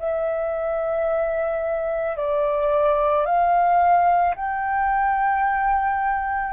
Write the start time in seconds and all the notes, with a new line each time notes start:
0.00 E5
2.17 D5
3.26 F5
4.36 G5